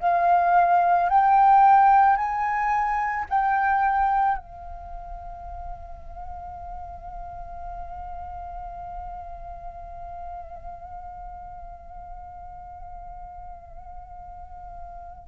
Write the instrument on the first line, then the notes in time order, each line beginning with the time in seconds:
flute
0.00 F5
1.09 G5
2.16 G#5
3.30 G5
4.38 F5